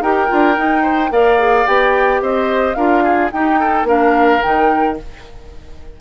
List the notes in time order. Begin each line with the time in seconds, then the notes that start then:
0.00 D#4 G4 A#4 G5
0.27 D4 F4
0.57 D#4
0.82 C5
1.10 A#3 A#4 D5 F5
1.38 G#4
1.66 B3 G4 G5
2.21 C4 C5 D#5
2.74 D4 F4 A#4 F5
3.03 G#4
3.32 D#4 G4 G5
3.59 A4
3.83 A#3 D4 A#4 F5
4.41 D#3 D#4 G5